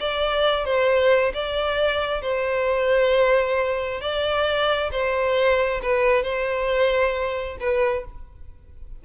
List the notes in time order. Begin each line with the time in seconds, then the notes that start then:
0.00 D5
0.65 C5
1.34 D5
2.22 C5
4.02 D5
4.92 C5
5.83 B4
6.23 C5
7.60 B4